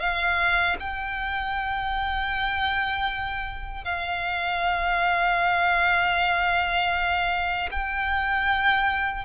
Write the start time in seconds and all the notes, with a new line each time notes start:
0.00 F5
0.80 G5
3.85 F5
7.72 G5